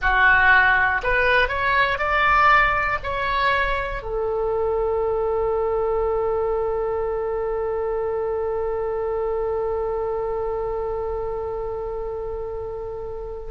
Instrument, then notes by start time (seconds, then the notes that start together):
oboe
0.01 F#4
1.03 B4
1.48 C#5
1.98 D5
3.03 C#5
4.02 A4